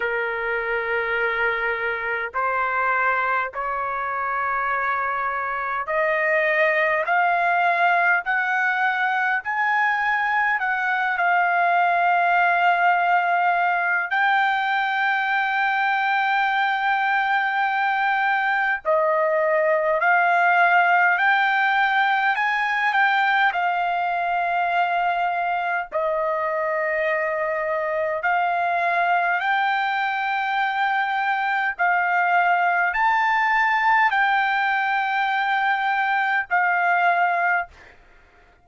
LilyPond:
\new Staff \with { instrumentName = "trumpet" } { \time 4/4 \tempo 4 = 51 ais'2 c''4 cis''4~ | cis''4 dis''4 f''4 fis''4 | gis''4 fis''8 f''2~ f''8 | g''1 |
dis''4 f''4 g''4 gis''8 g''8 | f''2 dis''2 | f''4 g''2 f''4 | a''4 g''2 f''4 | }